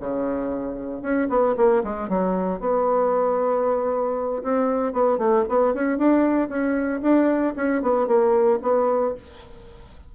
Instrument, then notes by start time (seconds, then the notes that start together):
bassoon
0.00 C#3
1.02 C#4
1.29 B3
1.57 A#3
1.84 G#3
2.09 F#3
2.60 B3
4.43 C4
4.93 B3
5.18 A3
5.49 B3
5.74 C#4
5.98 D4
6.49 C#4
7.02 D4
7.56 C#4
7.82 B3
8.07 A#3
8.62 B3